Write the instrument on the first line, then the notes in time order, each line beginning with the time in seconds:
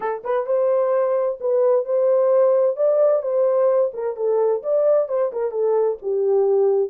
horn
0.00 A4
0.23 B4
0.46 C5
1.40 B4
1.85 C5
2.76 D5
3.22 C5
3.93 A#4
4.16 A4
4.63 D5
5.08 C5
5.32 A#4
5.51 A4
6.01 G4